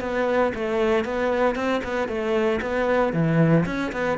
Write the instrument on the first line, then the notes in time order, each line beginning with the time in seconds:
cello
0.00 B3
0.54 A3
1.04 B3
1.55 C4
1.84 B3
2.08 A3
2.61 B3
3.13 E3
3.65 C#4
3.92 B3